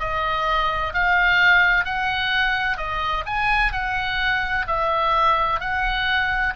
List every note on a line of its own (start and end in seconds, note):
0.00 0.94 D#5
0.94 1.85 F5
1.85 2.77 F#5
2.77 3.24 D#5
3.26 3.72 G#5
3.72 4.66 F#5
4.67 5.60 E5
5.60 6.54 F#5